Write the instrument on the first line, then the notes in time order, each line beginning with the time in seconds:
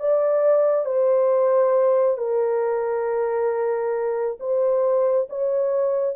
horn
0.00 D5
0.85 C5
2.18 A#4
4.40 C5
5.30 C#5